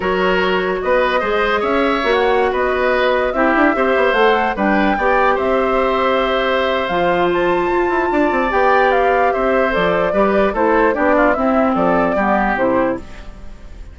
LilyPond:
<<
  \new Staff \with { instrumentName = "flute" } { \time 4/4 \tempo 4 = 148 cis''2 dis''2 | e''4~ e''16 fis''4 dis''4.~ dis''16~ | dis''16 e''2 fis''4 g''8.~ | g''4~ g''16 e''2~ e''8.~ |
e''4 f''4 a''2~ | a''4 g''4 f''4 e''4 | d''2 c''4 d''4 | e''4 d''2 c''4 | }
  \new Staff \with { instrumentName = "oboe" } { \time 4/4 ais'2 b'4 c''4 | cis''2~ cis''16 b'4.~ b'16~ | b'16 g'4 c''2 b'8.~ | b'16 d''4 c''2~ c''8.~ |
c''1 | d''2. c''4~ | c''4 b'4 a'4 g'8 f'8 | e'4 a'4 g'2 | }
  \new Staff \with { instrumentName = "clarinet" } { \time 4/4 fis'2. gis'4~ | gis'4 fis'2.~ | fis'16 e'4 g'4 a'4 d'8.~ | d'16 g'2.~ g'8.~ |
g'4 f'2.~ | f'4 g'2. | a'4 g'4 e'4 d'4 | c'2 b4 e'4 | }
  \new Staff \with { instrumentName = "bassoon" } { \time 4/4 fis2 b4 gis4 | cis'4 ais4~ ais16 b4.~ b16~ | b16 c'8 d'8 c'8 b8 a4 g8.~ | g16 b4 c'2~ c'8.~ |
c'4 f2 f'8 e'8 | d'8 c'8 b2 c'4 | f4 g4 a4 b4 | c'4 f4 g4 c4 | }
>>